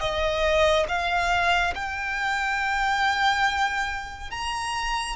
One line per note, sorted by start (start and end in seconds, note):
0.00 0.86 D#5
0.88 1.73 F5
1.75 4.31 G5
4.31 5.16 A#5